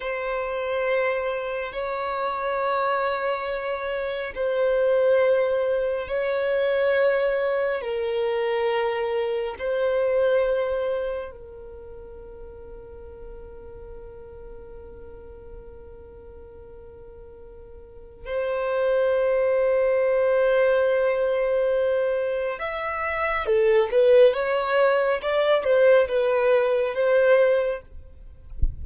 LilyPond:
\new Staff \with { instrumentName = "violin" } { \time 4/4 \tempo 4 = 69 c''2 cis''2~ | cis''4 c''2 cis''4~ | cis''4 ais'2 c''4~ | c''4 ais'2.~ |
ais'1~ | ais'4 c''2.~ | c''2 e''4 a'8 b'8 | cis''4 d''8 c''8 b'4 c''4 | }